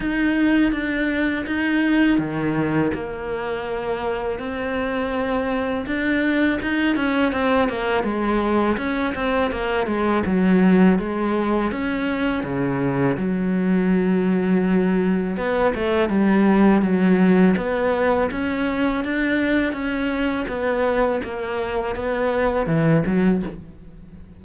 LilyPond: \new Staff \with { instrumentName = "cello" } { \time 4/4 \tempo 4 = 82 dis'4 d'4 dis'4 dis4 | ais2 c'2 | d'4 dis'8 cis'8 c'8 ais8 gis4 | cis'8 c'8 ais8 gis8 fis4 gis4 |
cis'4 cis4 fis2~ | fis4 b8 a8 g4 fis4 | b4 cis'4 d'4 cis'4 | b4 ais4 b4 e8 fis8 | }